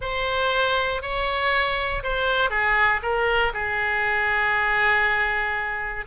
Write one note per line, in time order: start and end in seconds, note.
0.01 1.02 C5
1.02 2.02 C#5
2.03 2.50 C5
2.50 3.00 G#4
3.02 3.52 A#4
3.53 6.05 G#4